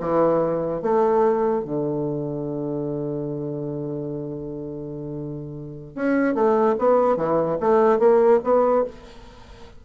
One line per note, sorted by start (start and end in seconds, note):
0.00 0.82 E3
0.82 1.64 A3
1.65 5.95 D3
5.95 6.34 C#4
6.34 6.75 A3
6.78 7.16 B3
7.16 7.57 E3
7.60 7.99 A3
7.99 8.40 A#3
8.43 8.84 B3